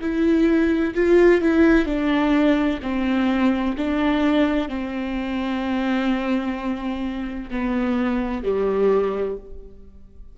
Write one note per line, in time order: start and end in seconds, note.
0.00 0.94 E4
0.94 1.41 F4
1.41 1.85 E4
1.85 2.79 D4
2.82 3.75 C4
3.77 4.68 D4
4.68 7.50 C4
7.50 8.43 B3
8.43 9.37 G3